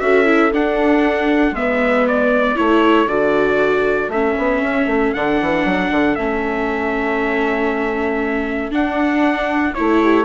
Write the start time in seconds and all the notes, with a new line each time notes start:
0.00 C#4 F#4 A4 E5
0.25 E4
0.52 D4 F#5
1.51 G#3 B3 B4 E5
2.08 D5
2.56 A3 E4 A4 C#5
3.07 D3 F#4 D5
4.08 A3 C#4 E5
4.38 B3
4.61 C#4
4.86 A3
5.13 D3 D4 F#5
5.41 E3
5.65 F#3
5.91 D3
6.15 A3 C#4 E5
8.70 D4 F#5
9.74 A3 E4 C#5
10.02 G4